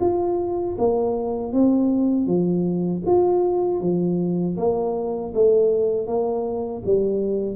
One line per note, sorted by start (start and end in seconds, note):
0.00 0.76 F4
0.78 1.52 A#3
1.52 2.26 C4
2.26 3.02 F3
3.06 3.80 F4
3.80 4.56 F3
4.57 5.33 A#3
5.34 6.07 A3
6.07 6.83 A#3
6.85 7.56 G3